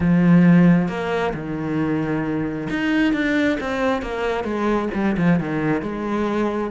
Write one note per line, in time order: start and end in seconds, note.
0.00 0.88 F3
0.88 1.33 A#3
1.34 2.68 D#3
2.69 3.13 D#4
3.13 3.58 D4
3.60 4.02 C4
4.02 4.44 A#3
4.44 4.88 G#3
4.94 5.16 G3
5.17 5.39 F3
5.39 5.81 D#3
5.81 6.70 G#3